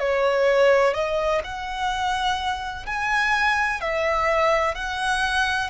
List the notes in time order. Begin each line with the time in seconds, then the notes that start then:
0.00 C#5
0.94 D#5
1.44 F#5
2.87 G#5
3.81 E5
4.75 F#5